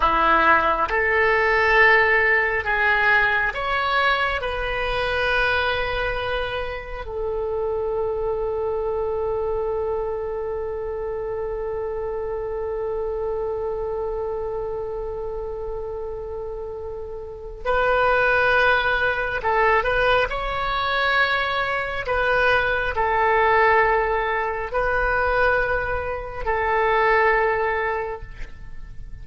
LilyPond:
\new Staff \with { instrumentName = "oboe" } { \time 4/4 \tempo 4 = 68 e'4 a'2 gis'4 | cis''4 b'2. | a'1~ | a'1~ |
a'1 | b'2 a'8 b'8 cis''4~ | cis''4 b'4 a'2 | b'2 a'2 | }